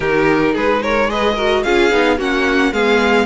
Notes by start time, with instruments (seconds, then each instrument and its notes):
0.00 cello D#3, viola D#4, violin G4 A#4
0.52 cello G#3, violin G#4 B4
0.82 violin A#4 C#5
1.07 viola G#4, violin B4 D#5
1.35 viola F#4, violin A#4
1.63 cello C#4, viola F4, violin G#4 F5
1.90 cello B3, viola D#4
2.17 cello A#3, viola C#4, violin F#4 F#5
2.72 cello G#3, viola B3, violin G#4 F5